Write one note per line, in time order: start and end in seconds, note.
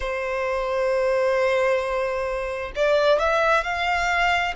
0.00 2.72 C5
2.75 3.19 D5
3.19 3.63 E5
3.63 4.54 F5